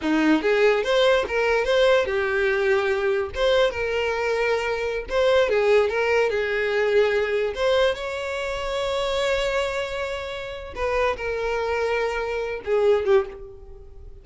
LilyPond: \new Staff \with { instrumentName = "violin" } { \time 4/4 \tempo 4 = 145 dis'4 gis'4 c''4 ais'4 | c''4 g'2. | c''4 ais'2.~ | ais'16 c''4 gis'4 ais'4 gis'8.~ |
gis'2~ gis'16 c''4 cis''8.~ | cis''1~ | cis''2 b'4 ais'4~ | ais'2~ ais'8 gis'4 g'8 | }